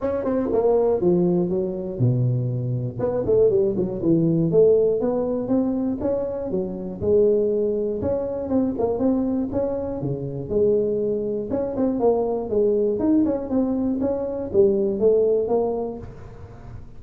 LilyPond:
\new Staff \with { instrumentName = "tuba" } { \time 4/4 \tempo 4 = 120 cis'8 c'8 ais4 f4 fis4 | b,2 b8 a8 g8 fis8 | e4 a4 b4 c'4 | cis'4 fis4 gis2 |
cis'4 c'8 ais8 c'4 cis'4 | cis4 gis2 cis'8 c'8 | ais4 gis4 dis'8 cis'8 c'4 | cis'4 g4 a4 ais4 | }